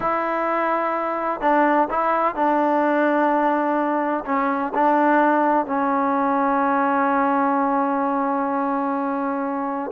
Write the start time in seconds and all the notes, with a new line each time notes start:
0.00 E4
1.40 D4
1.90 E4
2.35 D4
4.25 C#4
4.74 D4
5.66 C#4